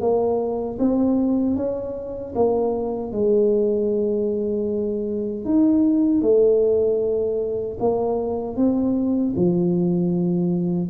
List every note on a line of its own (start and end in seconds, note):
0.00 0.78 A#3
0.79 1.56 C4
1.56 2.34 C#4
2.35 3.12 A#3
3.12 5.45 G#3
5.45 6.22 D#4
6.22 7.77 A3
7.80 8.56 A#3
8.56 9.34 C4
9.36 10.89 F3